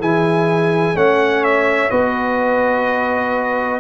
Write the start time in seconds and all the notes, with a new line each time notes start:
0.00 E3 E4 G#4 G#5
0.94 A3 C#4 C#5 F#5
1.44 E5
1.90 B3 F#4 B4 D#5